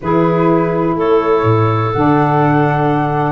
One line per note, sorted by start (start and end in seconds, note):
0.01 0.95 E3
0.01 1.94 E4
0.01 0.97 G#4
0.01 0.97 B4
0.95 1.43 A3
0.95 3.32 A4
0.95 1.91 C#5
1.43 1.91 A2
1.91 3.32 D3
1.91 3.32 D4
1.91 3.32 F#5